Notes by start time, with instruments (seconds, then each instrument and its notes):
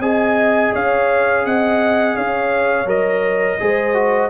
0.00 tuba C4, trombone G#4, horn D#5, trumpet G#5
0.74 tuba C#4, horn C#5, trumpet F5
1.46 tuba C4, horn D#5, trumpet F#5
2.16 tuba C#4, horn C#5, trumpet F5
2.86 tuba F#3, trombone A#4, trumpet D#5
3.60 tuba G#3, trombone G#4, horn C5
3.94 trombone F#4